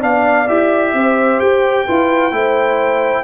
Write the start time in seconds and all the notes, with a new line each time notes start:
0.00 B3 D4 D5 F5
0.47 E4 G4 E5
0.94 C4 C5
1.40 G4 G5
1.86 E4 F4 B4
2.32 A3 E4 C5